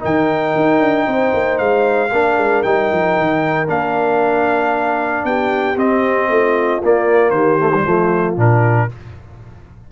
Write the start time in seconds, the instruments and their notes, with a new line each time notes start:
0.00 tuba D#3, trombone D#4, horn A#4, trumpet G5
0.55 tuba D#4
0.80 tuba D4
1.07 tuba C4, horn C5
1.33 tuba A#3
1.58 tuba G#3, trumpet F5
2.12 tuba A#3, trombone D4, horn A#4
2.37 tuba G#3
2.62 tuba G3, trombone D#4, trumpet G5
2.92 tuba F3
3.17 tuba D#3
3.67 tuba A#3, trombone D4, trumpet F5
5.24 tuba B3, horn G4, trumpet G5
5.76 tuba C4, trombone C4, trumpet D#5
6.29 tuba A3, horn F4
6.83 trombone A#3, tuba A#3, trumpet D5
7.30 tuba D#3, horn G4, trumpet C5
7.59 trombone A3
7.74 trombone G3
7.82 tuba F3, trombone A3, horn F4
8.36 tuba A#2, trombone D4, trumpet A#4